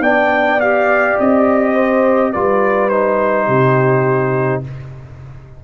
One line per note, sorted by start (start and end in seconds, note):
0.00 1.15 B3
0.00 0.61 D4
0.00 1.74 D5
0.00 0.60 G5
0.60 2.34 G4
0.60 1.18 F5
1.19 2.35 C4
1.19 2.33 D#5
1.74 2.32 C5
2.32 3.48 G3
2.32 2.91 F4
2.32 3.47 B4
2.32 2.89 D5
2.89 4.64 D#4
2.89 4.62 C5
3.47 4.63 C3
3.47 4.62 G4